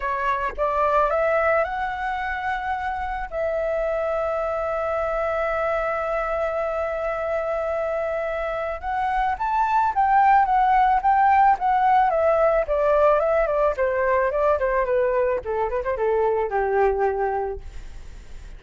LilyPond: \new Staff \with { instrumentName = "flute" } { \time 4/4 \tempo 4 = 109 cis''4 d''4 e''4 fis''4~ | fis''2 e''2~ | e''1~ | e''1 |
fis''4 a''4 g''4 fis''4 | g''4 fis''4 e''4 d''4 | e''8 d''8 c''4 d''8 c''8 b'4 | a'8 b'16 c''16 a'4 g'2 | }